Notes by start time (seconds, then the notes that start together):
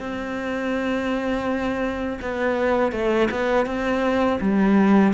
0.00 C4
2.22 B3
2.92 A3
3.31 B3
3.67 C4
4.41 G3